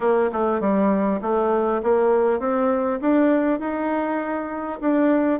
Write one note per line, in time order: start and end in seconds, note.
0.00 0.30 A#3
0.32 0.60 A3
0.60 1.20 G3
1.21 1.81 A3
1.82 2.39 A#3
2.39 2.99 C4
3.01 3.59 D4
3.59 4.79 D#4
4.80 5.40 D4